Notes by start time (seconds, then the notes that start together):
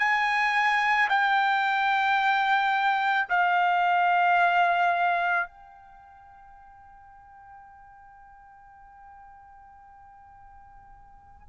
0.00 G#5
1.10 G5
3.30 F5
5.48 G5